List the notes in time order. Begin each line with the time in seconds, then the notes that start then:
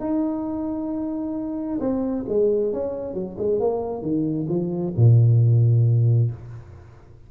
0.00 D#4
1.80 C4
2.28 G#3
2.73 C#4
3.14 F#3
3.38 G#3
3.59 A#3
4.02 D#3
4.49 F3
4.96 A#2